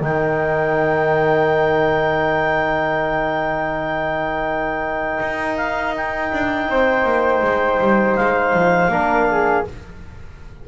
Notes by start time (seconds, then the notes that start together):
0.00 D#3 D#4 A#4 G5
5.20 D#4
5.57 F5
5.97 G5
6.33 D4
6.69 C4 C5
7.04 A#3
7.42 G#3
7.79 G3
8.16 G#3 F5
8.53 F3
8.88 A#3 D4 A#4
9.31 G#4